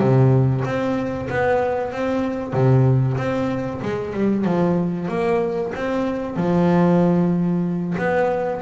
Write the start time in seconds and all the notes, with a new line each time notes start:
0.00 C3
0.65 C4
1.30 B3
1.93 C4
2.54 C3
3.17 C4
3.83 G#3
4.14 G3
4.45 F3
5.09 A#3
5.76 C4
6.37 F3
7.98 B3